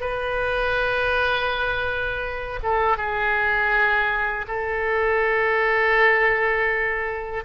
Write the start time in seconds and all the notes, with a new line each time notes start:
0.00 B4
2.62 A4
2.97 G#4
4.47 A4